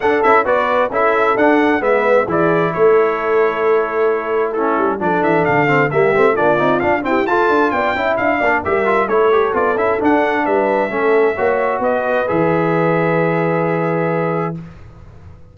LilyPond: <<
  \new Staff \with { instrumentName = "trumpet" } { \time 4/4 \tempo 4 = 132 fis''8 e''8 d''4 e''4 fis''4 | e''4 d''4 cis''2~ | cis''2 a'4 d''8 e''8 | f''4 e''4 d''4 f''8 g''8 |
a''4 g''4 f''4 e''4 | cis''4 d''8 e''8 fis''4 e''4~ | e''2 dis''4 e''4~ | e''1 | }
  \new Staff \with { instrumentName = "horn" } { \time 4/4 a'4 b'4 a'2 | b'4 gis'4 a'2~ | a'2 e'4 a'4~ | a'4 g'4 f'4. g'8 |
a'4 d''8 e''4 d''8 ais'4 | a'2. b'4 | a'4 cis''4 b'2~ | b'1 | }
  \new Staff \with { instrumentName = "trombone" } { \time 4/4 d'8 e'8 fis'4 e'4 d'4 | b4 e'2.~ | e'2 cis'4 d'4~ | d'8 c'8 ais8 c'8 d'8 dis'8 d'8 c'8 |
f'4. e'4 d'8 g'8 f'8 | e'8 g'8 f'8 e'8 d'2 | cis'4 fis'2 gis'4~ | gis'1 | }
  \new Staff \with { instrumentName = "tuba" } { \time 4/4 d'8 cis'8 b4 cis'4 d'4 | gis4 e4 a2~ | a2~ a8 g8 f8 e8 | d4 g8 a8 ais8 c'8 d'8 e'8 |
f'8 d'8 b8 cis'8 d'8 ais8 g4 | a4 b8 cis'8 d'4 g4 | a4 ais4 b4 e4~ | e1 | }
>>